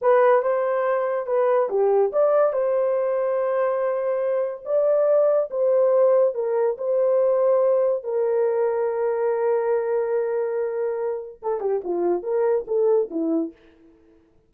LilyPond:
\new Staff \with { instrumentName = "horn" } { \time 4/4 \tempo 4 = 142 b'4 c''2 b'4 | g'4 d''4 c''2~ | c''2. d''4~ | d''4 c''2 ais'4 |
c''2. ais'4~ | ais'1~ | ais'2. a'8 g'8 | f'4 ais'4 a'4 e'4 | }